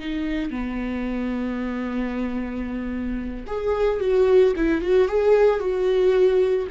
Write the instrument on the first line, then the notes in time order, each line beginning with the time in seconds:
viola
0.00 D#4
0.51 B3
3.47 G#4
4.01 F#4
4.56 E4
4.82 F#4
5.08 G#4
5.60 F#4